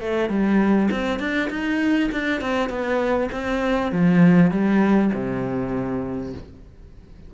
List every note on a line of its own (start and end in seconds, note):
0.00 0.29 A3
0.29 0.89 G3
0.91 1.19 C4
1.19 1.49 D4
1.49 2.09 D#4
2.12 2.41 D4
2.41 2.69 C4
2.69 3.29 B3
3.32 3.91 C4
3.91 4.51 F3
4.51 5.11 G3
5.13 6.33 C3